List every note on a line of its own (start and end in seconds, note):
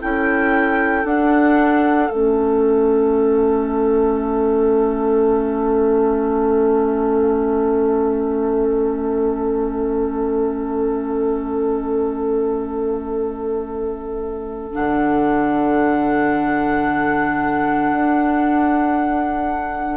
0.00 1.05 C#4
0.00 1.04 E4
0.00 19.97 A4
0.00 1.06 G5
1.04 2.09 D4
1.04 2.10 D4
1.04 2.10 F#5
2.10 14.73 A3
2.10 14.73 C#4
2.10 14.73 E5
14.73 17.92 D3
14.73 19.97 D4
14.73 19.97 F#5
17.92 19.97 D4